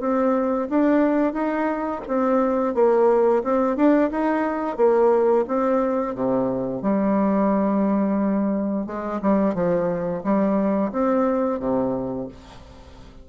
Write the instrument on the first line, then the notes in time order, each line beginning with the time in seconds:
bassoon
0.00 C4
0.70 D4
1.33 D#4
2.07 C4
2.75 A#3
3.44 C4
3.76 D4
4.11 D#4
4.77 A#3
5.48 C4
6.15 C3
6.82 G3
8.86 G#3
9.22 G3
9.55 F3
10.24 G3
10.92 C4
11.60 C3